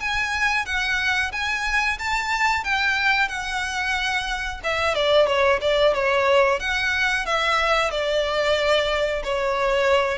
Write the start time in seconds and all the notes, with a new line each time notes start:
0.00 G#5
0.66 F#5
1.32 G#5
1.99 A5
2.64 G5
3.28 F#5
4.64 E5
4.95 D5
5.27 C#5
5.61 D5
5.94 C#5
6.60 F#5
7.26 E5
7.91 D5
9.24 C#5